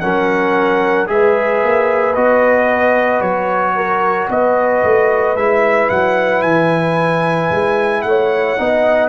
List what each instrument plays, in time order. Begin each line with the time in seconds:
0.00 tuba F#3, trombone C#4, horn A#4, trumpet F#5
1.07 tuba G#3, trombone G#4, horn B4, trumpet E5
1.63 tuba A#3
2.14 tuba B3, trombone F#4, trumpet D#5
3.21 tuba F#3, trumpet C#5
3.75 horn A#4
4.29 tuba B3, horn B4, trumpet D#5
4.83 tuba A3
5.36 tuba G#3, trombone E4, trumpet E5
5.89 tuba F#3, trumpet F#5
6.42 tuba E3, trumpet G#5
7.50 tuba G#3
8.02 tuba A3, horn C#5, trumpet F#5
8.57 tuba B3, trombone D#4, horn D#5